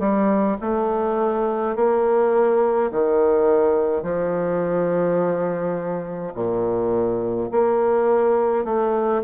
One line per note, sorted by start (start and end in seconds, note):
0.00 0.58 G3
0.61 1.76 A3
1.76 2.92 A#3
2.92 4.03 D#3
4.03 6.34 F3
6.35 7.51 A#2
7.52 8.65 A#3
8.65 9.23 A3